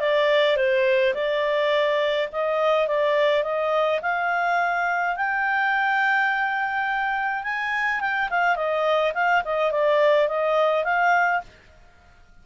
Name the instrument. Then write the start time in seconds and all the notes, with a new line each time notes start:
clarinet
0.00 D5
0.57 C5
1.15 D5
2.33 D#5
2.88 D5
3.44 D#5
4.02 F5
5.17 G5
7.44 G#5
8.01 G5
8.31 F5
8.56 D#5
9.15 F5
9.45 D#5
9.72 D5
10.29 D#5
10.85 F5